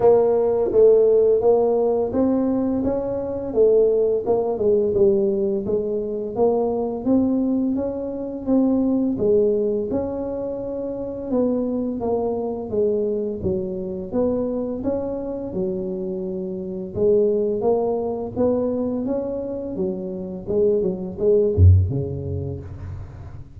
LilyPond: \new Staff \with { instrumentName = "tuba" } { \time 4/4 \tempo 4 = 85 ais4 a4 ais4 c'4 | cis'4 a4 ais8 gis8 g4 | gis4 ais4 c'4 cis'4 | c'4 gis4 cis'2 |
b4 ais4 gis4 fis4 | b4 cis'4 fis2 | gis4 ais4 b4 cis'4 | fis4 gis8 fis8 gis8 fis,8 cis4 | }